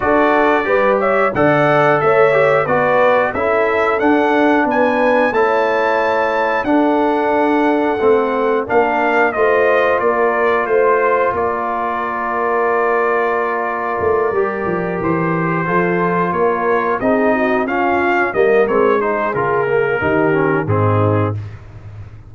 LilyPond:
<<
  \new Staff \with { instrumentName = "trumpet" } { \time 4/4 \tempo 4 = 90 d''4. e''8 fis''4 e''4 | d''4 e''4 fis''4 gis''4 | a''2 fis''2~ | fis''4 f''4 dis''4 d''4 |
c''4 d''2.~ | d''2~ d''8 c''4.~ | c''8 cis''4 dis''4 f''4 dis''8 | cis''8 c''8 ais'2 gis'4 | }
  \new Staff \with { instrumentName = "horn" } { \time 4/4 a'4 b'8 cis''8 d''4 cis''4 | b'4 a'2 b'4 | cis''2 a'2~ | a'4 ais'4 c''4 ais'4 |
c''4 ais'2.~ | ais'2.~ ais'8 a'8~ | a'8 ais'4 gis'8 fis'8 f'4 ais'8~ | ais'8 gis'4. g'4 dis'4 | }
  \new Staff \with { instrumentName = "trombone" } { \time 4/4 fis'4 g'4 a'4. g'8 | fis'4 e'4 d'2 | e'2 d'2 | c'4 d'4 f'2~ |
f'1~ | f'4. g'2 f'8~ | f'4. dis'4 cis'4 ais8 | c'8 dis'8 f'8 ais8 dis'8 cis'8 c'4 | }
  \new Staff \with { instrumentName = "tuba" } { \time 4/4 d'4 g4 d4 a4 | b4 cis'4 d'4 b4 | a2 d'2 | a4 ais4 a4 ais4 |
a4 ais2.~ | ais4 a8 g8 f8 e4 f8~ | f8 ais4 c'4 cis'4 g8 | gis4 cis4 dis4 gis,4 | }
>>